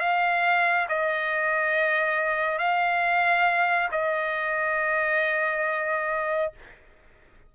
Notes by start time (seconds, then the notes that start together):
0.00 F5
0.89 D#5
2.58 F5
3.91 D#5